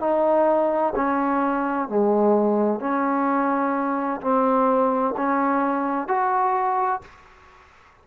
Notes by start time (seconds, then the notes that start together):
0.00 D#4
0.95 C#4
1.89 G#3
2.80 C#4
4.21 C4
5.17 C#4
6.08 F#4